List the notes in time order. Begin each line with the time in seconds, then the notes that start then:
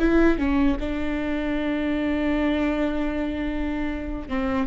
0.00 E4
0.39 C#4
0.80 D4
4.29 C4